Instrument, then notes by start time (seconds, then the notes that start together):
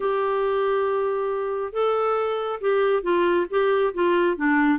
clarinet
0.00 G4
1.72 A4
2.60 G4
3.03 F4
3.50 G4
3.93 F4
4.36 D4